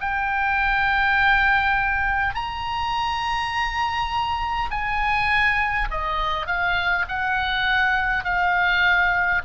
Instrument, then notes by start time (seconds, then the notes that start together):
oboe
0.00 G5
2.34 A#5
4.70 G#5
5.90 D#5
6.47 F5
7.07 F#5
8.24 F5